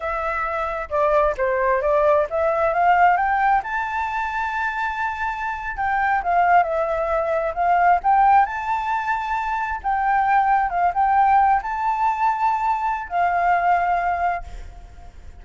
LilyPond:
\new Staff \with { instrumentName = "flute" } { \time 4/4 \tempo 4 = 133 e''2 d''4 c''4 | d''4 e''4 f''4 g''4 | a''1~ | a''8. g''4 f''4 e''4~ e''16~ |
e''8. f''4 g''4 a''4~ a''16~ | a''4.~ a''16 g''2 f''16~ | f''16 g''4. a''2~ a''16~ | a''4 f''2. | }